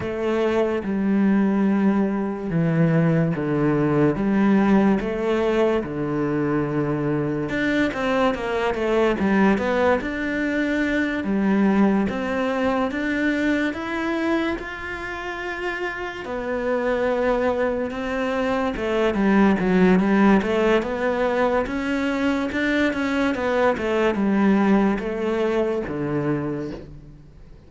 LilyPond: \new Staff \with { instrumentName = "cello" } { \time 4/4 \tempo 4 = 72 a4 g2 e4 | d4 g4 a4 d4~ | d4 d'8 c'8 ais8 a8 g8 b8 | d'4. g4 c'4 d'8~ |
d'8 e'4 f'2 b8~ | b4. c'4 a8 g8 fis8 | g8 a8 b4 cis'4 d'8 cis'8 | b8 a8 g4 a4 d4 | }